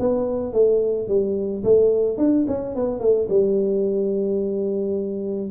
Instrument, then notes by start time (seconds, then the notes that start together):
tuba
0.00 B3
0.53 A3
1.08 G3
1.64 A3
2.18 D4
2.48 C#4
2.76 B3
3.01 A3
3.30 G3